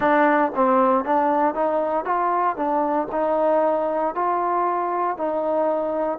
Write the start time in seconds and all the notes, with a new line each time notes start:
0.00 D4
0.55 C4
1.04 D4
1.54 D#4
2.04 F4
2.56 D4
3.11 D#4
4.14 F4
5.17 D#4